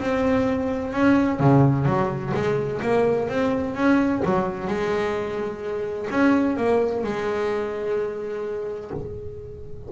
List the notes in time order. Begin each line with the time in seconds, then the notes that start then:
0.00 C4
0.93 C#4
1.40 C#3
1.86 F#3
2.34 G#3
2.82 A#3
3.29 C4
3.75 C#4
4.25 F#3
4.68 G#3
6.11 C#4
6.57 A#3
7.04 G#3